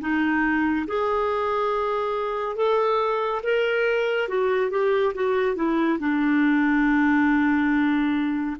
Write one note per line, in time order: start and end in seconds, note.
0.00 0.86 D#4
0.87 2.56 G#4
2.56 3.42 A4
3.43 4.28 A#4
4.28 4.70 F#4
4.70 5.13 G4
5.14 5.56 F#4
5.56 5.98 E4
5.99 8.56 D4